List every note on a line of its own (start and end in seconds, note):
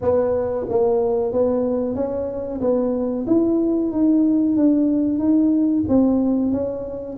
0.01 0.67 B3
0.69 1.32 A#3
1.32 1.95 B3
1.95 2.60 C#4
2.61 3.26 B3
3.26 3.91 E4
3.91 4.56 D#4
4.56 5.18 D4
5.18 5.84 D#4
5.88 6.52 C4
6.52 7.17 C#4